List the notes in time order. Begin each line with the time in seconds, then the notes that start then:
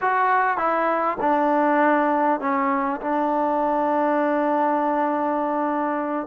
0.01 F#4
0.57 E4
1.20 D4
2.40 C#4
3.00 D4